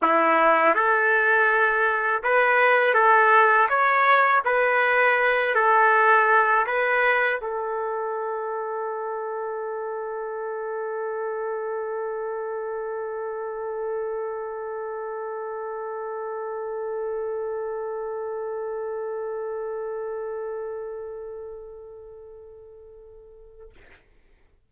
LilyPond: \new Staff \with { instrumentName = "trumpet" } { \time 4/4 \tempo 4 = 81 e'4 a'2 b'4 | a'4 cis''4 b'4. a'8~ | a'4 b'4 a'2~ | a'1~ |
a'1~ | a'1~ | a'1~ | a'1 | }